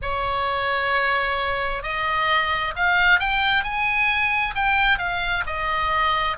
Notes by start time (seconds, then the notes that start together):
0.02 C#5
1.82 D#5
2.76 F5
3.19 G5
3.63 G#5
4.55 G5
4.98 F5
5.46 D#5